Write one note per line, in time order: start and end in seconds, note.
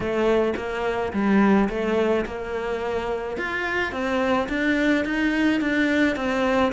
0.00 0.54 A3
0.56 1.12 A#3
1.12 1.68 G3
1.69 2.25 A3
2.25 3.37 A#3
3.37 3.92 F4
3.92 4.48 C4
4.49 5.04 D4
5.04 5.60 D#4
5.60 6.16 D4
6.16 6.72 C4